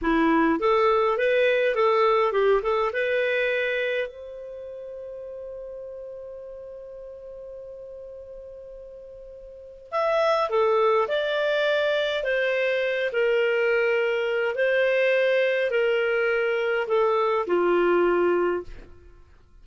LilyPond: \new Staff \with { instrumentName = "clarinet" } { \time 4/4 \tempo 4 = 103 e'4 a'4 b'4 a'4 | g'8 a'8 b'2 c''4~ | c''1~ | c''1~ |
c''4 e''4 a'4 d''4~ | d''4 c''4. ais'4.~ | ais'4 c''2 ais'4~ | ais'4 a'4 f'2 | }